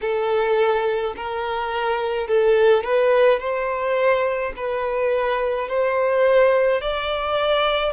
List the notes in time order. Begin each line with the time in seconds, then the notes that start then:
0.01 A4
1.16 A#4
2.27 A4
2.83 B4
3.39 C5
4.56 B4
5.68 C5
6.81 D5